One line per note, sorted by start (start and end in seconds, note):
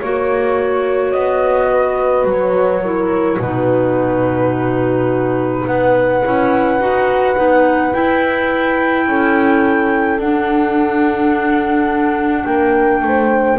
0.00 1.14 A#3
0.00 2.84 F#4
0.00 1.11 C#5
0.00 1.71 C#5
1.11 2.24 B3
1.11 2.25 D#5
1.71 2.83 B4
2.24 3.37 F#3
2.31 3.42 C#5
2.83 3.41 E4
2.83 3.39 A#4
3.39 5.65 B2
3.39 6.24 D#4
3.39 5.66 F#4
3.39 5.67 B4
5.66 6.24 B3
5.66 9.06 B4
5.66 7.93 F#5
6.24 6.79 C#4
6.24 6.80 E4
6.79 7.36 D#4
6.79 7.36 F#4
7.36 7.93 B3
7.36 7.92 D#4
7.93 10.19 E4
7.93 9.07 E4
7.93 10.20 G5
9.07 10.18 C#4
9.07 12.46 A4
10.18 12.45 D4
10.18 13.59 D4
10.18 12.46 F#5
12.46 13.01 A#3
12.46 13.02 A#4
12.46 13.59 G5
13.01 13.58 A3
13.01 13.59 C5